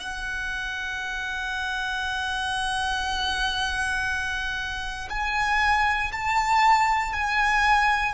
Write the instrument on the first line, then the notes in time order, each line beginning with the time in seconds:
violin
0.00 F#5
5.10 G#5
6.12 A5
7.14 G#5